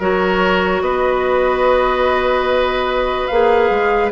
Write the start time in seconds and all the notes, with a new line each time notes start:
0.00 F#3 F#4 A#4 C#5
0.81 B3 B4 D#5
3.28 A#3 G#4 F5
3.70 G#3